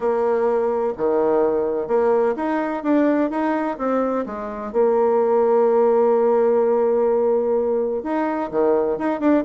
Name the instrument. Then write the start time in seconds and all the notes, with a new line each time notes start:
bassoon
0.00 A#3
0.97 D#3
1.87 A#3
2.36 D#4
2.83 D4
3.30 D#4
3.78 C4
4.25 G#3
4.72 A#3
8.03 D#4
8.51 D#3
8.97 D#4
9.20 D4